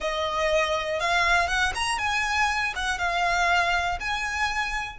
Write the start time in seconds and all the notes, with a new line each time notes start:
0.00 D#5
1.00 F5
1.47 F#5
1.75 A#5
1.98 G#5
2.75 F#5
2.98 F5
4.00 G#5